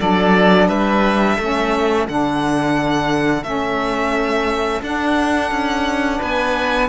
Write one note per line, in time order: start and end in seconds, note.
0.00 0.69 F#3
0.00 1.38 D4
0.00 0.68 A4
0.00 0.68 D5
0.68 1.38 G3
0.68 1.37 B4
0.68 2.06 E5
1.37 2.08 A3
1.37 2.08 C#4
1.37 6.18 A4
2.08 3.43 D3
2.08 3.44 D4
2.08 3.43 F#5
3.43 4.81 A3
3.43 4.81 C#4
3.43 4.81 E5
4.82 5.51 D4
4.82 6.89 D4
4.82 6.21 F#5
5.51 6.20 C#4
6.18 6.89 B3
6.18 6.87 B4
6.18 6.89 G#5